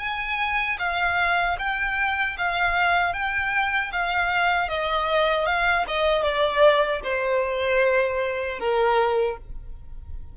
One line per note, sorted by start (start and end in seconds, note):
0.00 0.78 G#5
0.79 1.57 F5
1.59 2.37 G5
2.38 3.13 F5
3.13 3.91 G5
3.92 4.69 F5
4.69 5.46 D#5
5.46 5.85 F5
5.88 6.23 D#5
6.23 7.01 D5
7.04 8.60 C5
8.60 9.38 A#4